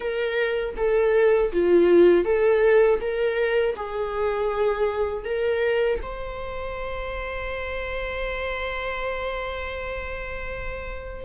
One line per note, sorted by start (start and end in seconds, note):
0.00 0.75 A#4
0.76 1.51 A4
1.52 2.24 F4
2.24 2.99 A4
3.00 3.75 A#4
3.75 5.24 G#4
5.24 5.99 A#4
6.02 11.24 C5